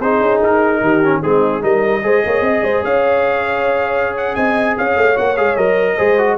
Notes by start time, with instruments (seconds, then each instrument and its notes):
0.00 tuba C4, trombone D#4, horn G#4, trumpet C5
0.20 tuba C#4
0.41 tuba D#4, trumpet A#4
0.80 tuba D#3, horn G4
1.03 trombone C#4
1.21 tuba G#3, trombone C4, horn D#4, trumpet G#4
1.61 tuba G3, trombone D#4, horn A#4, trumpet D#5
2.02 tuba G#3, trombone G#4, horn C5
2.25 tuba A#3, horn C#5
2.41 tuba C4, horn D#5
2.62 tuba G#3, horn C5
2.83 tuba C#4, horn C#5, trumpet F5
4.17 trumpet F#5
4.35 tuba C4, horn D#5, trumpet G#5
4.77 tuba C#4, horn C#5, trumpet F5
4.96 tuba A3
5.14 tuba A#3, trombone F#4, trumpet F#5
5.37 tuba G#3, trombone G#4, trumpet F5
5.56 tuba F#3, trombone A#4, trumpet D#5
5.96 tuba G#3, trombone G#4, horn C5
6.18 trombone F#4